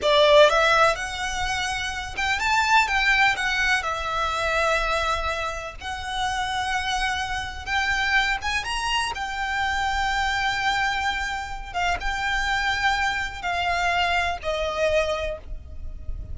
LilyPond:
\new Staff \with { instrumentName = "violin" } { \time 4/4 \tempo 4 = 125 d''4 e''4 fis''2~ | fis''8 g''8 a''4 g''4 fis''4 | e''1 | fis''1 |
g''4. gis''8 ais''4 g''4~ | g''1~ | g''8 f''8 g''2. | f''2 dis''2 | }